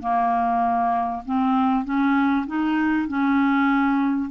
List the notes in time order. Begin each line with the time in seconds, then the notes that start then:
0.00 A#3
1.25 C4
1.85 C#4
2.47 D#4
3.08 C#4